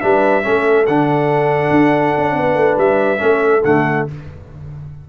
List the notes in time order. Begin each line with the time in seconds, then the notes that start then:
0.00 G3 D4 B4 E5
0.43 A3 C#4 A4
0.86 D3 D4 F#5
1.70 D4
2.17 C#4
2.36 B3 B4
2.55 A3
2.77 G3 E5
3.18 A3 C#4 A4
3.64 D3 A3 F#5